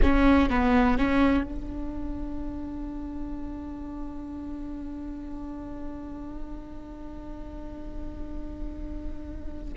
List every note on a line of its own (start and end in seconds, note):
0.02 0.49 C#4
0.49 0.98 B3
0.98 1.43 C#4
1.43 9.72 D4